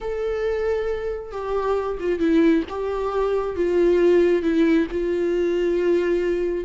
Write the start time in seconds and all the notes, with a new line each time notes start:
0.00 A4
1.31 G4
1.99 F4
2.19 E4
2.69 G4
3.56 F4
4.42 E4
4.91 F4